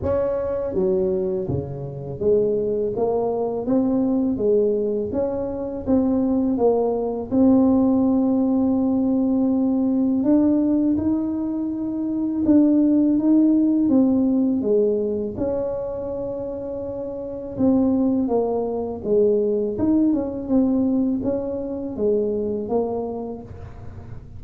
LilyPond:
\new Staff \with { instrumentName = "tuba" } { \time 4/4 \tempo 4 = 82 cis'4 fis4 cis4 gis4 | ais4 c'4 gis4 cis'4 | c'4 ais4 c'2~ | c'2 d'4 dis'4~ |
dis'4 d'4 dis'4 c'4 | gis4 cis'2. | c'4 ais4 gis4 dis'8 cis'8 | c'4 cis'4 gis4 ais4 | }